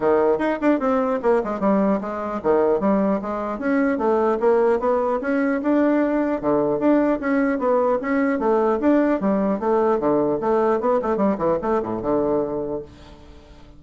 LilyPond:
\new Staff \with { instrumentName = "bassoon" } { \time 4/4 \tempo 4 = 150 dis4 dis'8 d'8 c'4 ais8 gis8 | g4 gis4 dis4 g4 | gis4 cis'4 a4 ais4 | b4 cis'4 d'2 |
d4 d'4 cis'4 b4 | cis'4 a4 d'4 g4 | a4 d4 a4 b8 a8 | g8 e8 a8 a,8 d2 | }